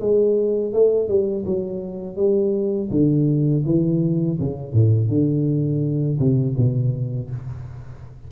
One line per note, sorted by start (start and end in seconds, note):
0.00 0.73 G#3
0.73 1.08 A3
1.08 1.45 G3
1.45 2.16 F#3
2.16 2.89 G3
2.91 3.64 D3
3.65 4.38 E3
4.39 4.73 C#3
4.73 5.09 A2
5.09 6.18 D3
6.19 6.56 C3
6.57 7.30 B2